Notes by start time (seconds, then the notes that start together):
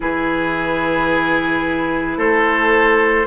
0.00 E3 E4 G#4 B4
2.17 A3 A4 C5